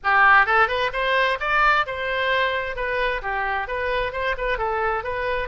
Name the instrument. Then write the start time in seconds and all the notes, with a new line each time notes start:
oboe
0.03 G4
0.46 A4
0.67 B4
0.92 C5
1.40 D5
1.86 C5
2.75 B4
3.22 G4
3.67 B4
4.12 C5
4.37 B4
4.58 A4
5.03 B4